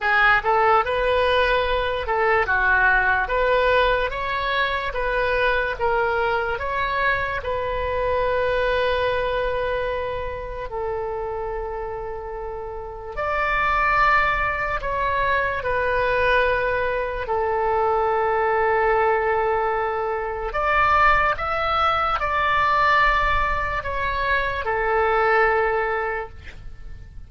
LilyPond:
\new Staff \with { instrumentName = "oboe" } { \time 4/4 \tempo 4 = 73 gis'8 a'8 b'4. a'8 fis'4 | b'4 cis''4 b'4 ais'4 | cis''4 b'2.~ | b'4 a'2. |
d''2 cis''4 b'4~ | b'4 a'2.~ | a'4 d''4 e''4 d''4~ | d''4 cis''4 a'2 | }